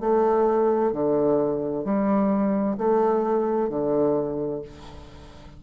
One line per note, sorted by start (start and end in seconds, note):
0.00 0.92 A3
0.92 1.85 D3
1.85 2.77 G3
2.78 3.69 A3
3.69 4.62 D3